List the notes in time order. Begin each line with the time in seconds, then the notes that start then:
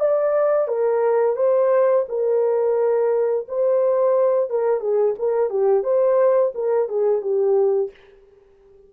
0.00 D5
0.68 A#4
1.36 C5
2.09 A#4
3.48 C5
4.50 A#4
4.80 G#4
5.19 A#4
5.50 G4
5.84 C5
6.55 A#4
6.89 G#4
7.22 G4